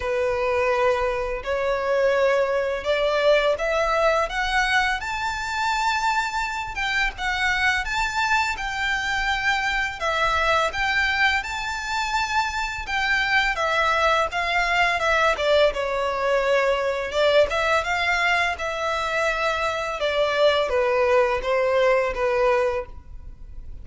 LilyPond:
\new Staff \with { instrumentName = "violin" } { \time 4/4 \tempo 4 = 84 b'2 cis''2 | d''4 e''4 fis''4 a''4~ | a''4. g''8 fis''4 a''4 | g''2 e''4 g''4 |
a''2 g''4 e''4 | f''4 e''8 d''8 cis''2 | d''8 e''8 f''4 e''2 | d''4 b'4 c''4 b'4 | }